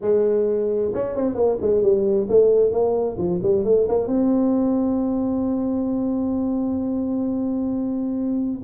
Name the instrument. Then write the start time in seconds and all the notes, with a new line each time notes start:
tuba
0.01 G#3
0.93 C#4
1.15 C4
1.34 A#3
1.61 G#3
1.82 G3
2.29 A3
2.71 A#3
3.18 F3
3.42 G3
3.64 A3
3.88 A#3
4.07 C4